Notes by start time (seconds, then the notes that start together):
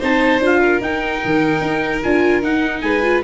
0.00 C4 D#4 C5 A5
0.40 D4 F4
0.46 F5
0.60 A#4
0.81 D#4 G5
1.25 D#3
1.61 D#4
2.03 D4 F4 G#5
2.42 D#4 F#5
2.81 G#3 B4 G#5
3.03 F4